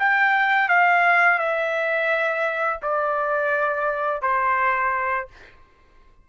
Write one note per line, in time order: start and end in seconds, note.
0.00 0.69 G5
0.69 1.39 F5
1.39 2.80 E5
2.83 4.23 D5
4.23 5.28 C5